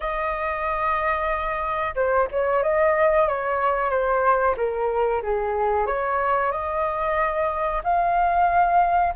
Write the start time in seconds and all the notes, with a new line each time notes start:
0.00 D#5
1.95 C5
2.31 C#5
2.62 D#5
3.28 C#5
3.90 C5
4.57 A#4
5.22 G#4
5.86 C#5
6.51 D#5
7.83 F5